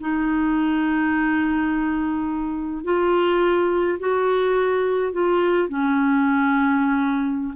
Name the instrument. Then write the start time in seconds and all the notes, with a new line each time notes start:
clarinet
0.00 D#4
2.84 F4
3.99 F#4
5.12 F4
5.68 C#4